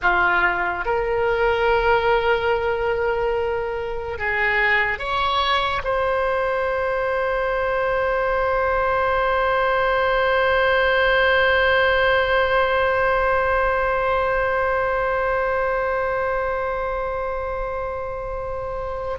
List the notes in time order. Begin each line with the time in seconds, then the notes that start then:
0.02 F4
0.85 A#4
4.18 G#4
4.98 C#5
5.84 C5